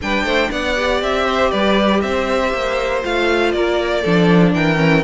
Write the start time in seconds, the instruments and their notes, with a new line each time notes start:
0.01 cello G3, viola D4, violin B4 G5
0.23 cello A3, violin C5
0.50 cello B3, violin D5 F#5
0.76 viola G4
1.01 cello C4, violin E5
1.25 violin C5
1.51 cello G3, violin B4 D5
2.00 cello C4, violin C5 E5
2.53 cello A#3
3.02 cello A3, viola F4, violin F5
3.51 cello A#3, violin A#4 D5
4.01 cello F3, viola D4, violin A4
4.54 cello E3, violin A#4 G5
4.75 viola C#4